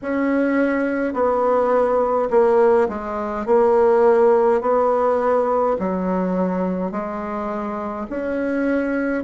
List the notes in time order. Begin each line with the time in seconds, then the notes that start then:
0.02 C#4
1.13 B3
2.30 A#3
2.88 G#3
3.46 A#3
4.61 B3
5.79 F#3
6.91 G#3
8.09 C#4